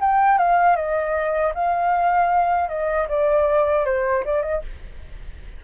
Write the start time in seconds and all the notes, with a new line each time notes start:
0.00 G5
0.38 F5
0.76 D#5
1.54 F5
2.68 D#5
3.08 D5
3.85 C5
4.24 D5
4.42 D#5